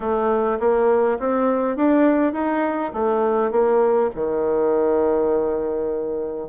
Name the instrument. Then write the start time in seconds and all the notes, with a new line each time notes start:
bassoon
0.00 A3
0.59 A#3
1.19 C4
1.76 D4
2.33 D#4
2.93 A3
3.51 A#3
4.15 D#3